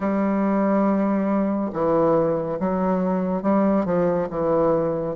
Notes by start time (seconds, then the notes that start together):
0.00 G3
1.73 E3
2.59 F#3
3.42 G3
3.85 F3
4.29 E3